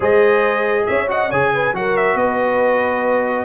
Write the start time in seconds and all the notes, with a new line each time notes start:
0.00 G#3 G#4 C5 D#5
0.86 C#4 C#5 E5
1.07 F#4 D#5 F#5
1.29 C#3 G#4 C#5 G#5
1.54 B4
1.73 F#3 F#4 A#4 F#5
1.97 E5
2.14 B3 B4 D#5